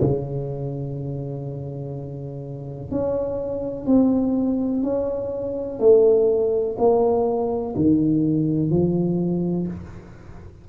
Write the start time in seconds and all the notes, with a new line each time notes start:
0.00 C#3
2.91 C#4
3.86 C4
4.83 C#4
5.79 A3
6.77 A#3
7.75 D#3
8.70 F3